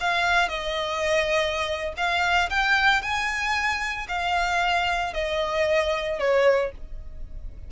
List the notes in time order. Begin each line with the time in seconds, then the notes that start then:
0.00 F5
0.48 D#5
1.97 F5
2.50 G5
3.01 G#5
4.08 F5
5.13 D#5
6.19 C#5